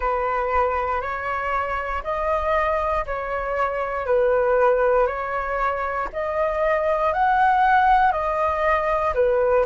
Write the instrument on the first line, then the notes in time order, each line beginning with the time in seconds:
flute
0.00 B4
1.01 C#5
2.03 D#5
3.06 C#5
4.06 B4
5.06 C#5
6.12 D#5
7.13 F#5
8.12 D#5
9.14 B4